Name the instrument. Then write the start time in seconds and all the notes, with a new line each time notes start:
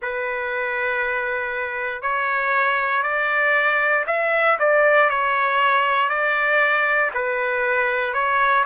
trumpet
0.02 B4
2.02 C#5
3.02 D5
4.07 E5
4.59 D5
5.09 C#5
6.09 D5
7.14 B4
8.14 C#5